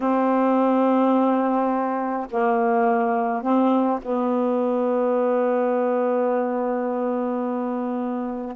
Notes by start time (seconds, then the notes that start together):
0.00 C4
2.30 A#3
3.42 C4
4.02 B3